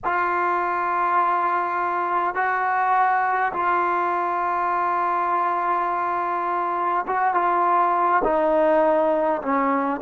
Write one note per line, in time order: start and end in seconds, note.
0.04 2.34 F4
2.34 3.52 F#4
3.52 7.05 F4
7.06 7.34 F#4
7.34 8.22 F4
8.24 9.41 D#4
9.42 10.01 C#4